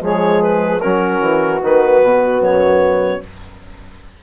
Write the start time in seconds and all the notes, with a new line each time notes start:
0.00 F3 G#3 G#4 C#5
0.42 B4
0.80 F#3 C#4 F#4 A#4
1.20 E3
1.60 D#3 B3 B4
2.02 B2
2.40 F#2 C#5